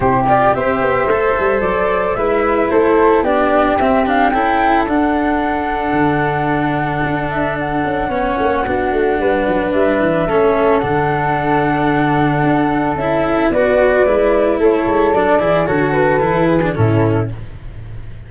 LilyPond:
<<
  \new Staff \with { instrumentName = "flute" } { \time 4/4 \tempo 4 = 111 c''8 d''8 e''2 d''4 | e''4 c''4 d''4 e''8 f''8 | g''4 fis''2.~ | fis''4. e''8 fis''2~ |
fis''2 e''2 | fis''1 | e''4 d''2 cis''4 | d''4 cis''8 b'4. a'4 | }
  \new Staff \with { instrumentName = "flute" } { \time 4/4 g'4 c''2. | b'4 a'4 g'2 | a'1~ | a'2. cis''4 |
fis'4 b'2 a'4~ | a'1~ | a'4 b'2 a'4~ | a'8 gis'8 a'4. gis'8 e'4 | }
  \new Staff \with { instrumentName = "cello" } { \time 4/4 e'8 f'8 g'4 a'2 | e'2 d'4 c'8 d'8 | e'4 d'2.~ | d'2. cis'4 |
d'2. cis'4 | d'1 | e'4 fis'4 e'2 | d'8 e'8 fis'4 e'8. d'16 cis'4 | }
  \new Staff \with { instrumentName = "tuba" } { \time 4/4 c4 c'8 b8 a8 g8 fis4 | gis4 a4 b4 c'4 | cis'4 d'2 d4~ | d4 d'4. cis'8 b8 ais8 |
b8 a8 g8 fis8 g8 e8 a4 | d2. d'4 | cis'4 b4 gis4 a8 gis8 | fis8 e8 d4 e4 a,4 | }
>>